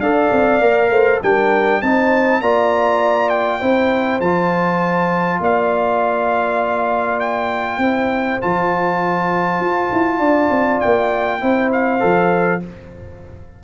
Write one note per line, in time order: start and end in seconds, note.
0.00 0.30 D4
0.00 0.61 A4
0.00 0.91 D5
0.00 1.20 F5
0.32 0.61 C4
0.61 0.90 A#3
0.61 1.21 A#4
0.90 1.20 A3
0.90 1.21 C5
1.21 1.82 G3
1.21 1.82 D4
1.21 1.81 A#4
1.21 1.82 G5
1.82 2.41 C4
1.82 2.43 D#4
1.82 2.42 C5
1.82 2.41 A5
2.41 3.61 A#3
2.41 3.61 F4
2.41 3.60 D5
2.41 3.29 A#5
3.29 4.20 G5
3.60 4.20 C4
3.60 4.21 E4
3.60 5.40 C5
4.20 5.40 F3
4.20 7.82 F4
4.20 5.41 A5
5.40 7.78 A#3
5.40 7.81 D5
5.40 7.20 F5
7.20 8.40 G5
7.78 8.38 C4
7.78 8.41 E4
7.78 10.19 C5
8.41 9.60 F3
8.41 11.41 F4
8.41 10.80 A5
9.60 9.90 F4
9.93 10.19 E4
10.19 10.49 D4
10.19 11.39 D5
10.51 10.80 C4
10.80 11.42 A#3
10.80 11.70 G5
11.41 12.02 C4
11.41 12.00 E4
11.41 12.62 C5
11.72 12.62 F5
12.00 12.64 F3
12.00 12.60 A4